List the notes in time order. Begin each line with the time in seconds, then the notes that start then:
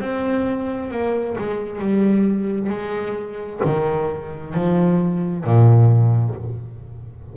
0.00 C4
0.91 A#3
1.38 G#3
1.79 G3
2.69 G#3
3.64 D#3
4.54 F3
5.45 A#2